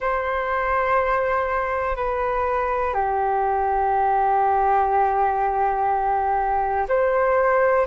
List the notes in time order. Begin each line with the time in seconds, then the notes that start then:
0.00 C5
1.95 B4
2.93 G4
6.88 C5